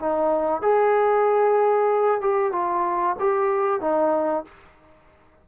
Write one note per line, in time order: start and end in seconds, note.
0.00 0.62 D#4
0.62 2.21 G#4
2.21 2.53 G4
2.53 3.17 F4
3.20 3.81 G4
3.81 4.45 D#4